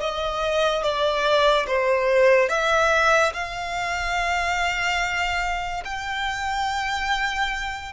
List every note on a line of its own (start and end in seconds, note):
0.00 0.83 D#5
0.83 1.66 D5
1.67 2.49 C5
2.49 3.32 E5
3.33 5.83 F5
5.84 7.92 G5